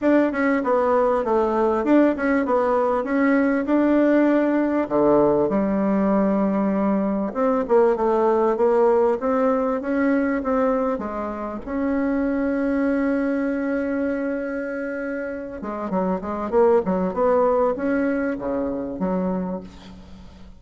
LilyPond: \new Staff \with { instrumentName = "bassoon" } { \time 4/4 \tempo 4 = 98 d'8 cis'8 b4 a4 d'8 cis'8 | b4 cis'4 d'2 | d4 g2. | c'8 ais8 a4 ais4 c'4 |
cis'4 c'4 gis4 cis'4~ | cis'1~ | cis'4. gis8 fis8 gis8 ais8 fis8 | b4 cis'4 cis4 fis4 | }